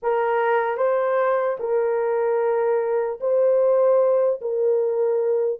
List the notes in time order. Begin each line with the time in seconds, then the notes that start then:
0.02 A#4
0.77 C5
1.59 A#4
3.20 C5
4.41 A#4